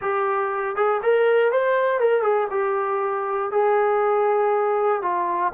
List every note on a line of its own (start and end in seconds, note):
0.01 0.75 G4
0.75 1.01 G#4
1.02 1.51 A#4
1.51 2.00 C5
2.00 2.22 A#4
2.22 2.47 G#4
2.50 3.51 G4
3.51 5.02 G#4
5.02 5.52 F4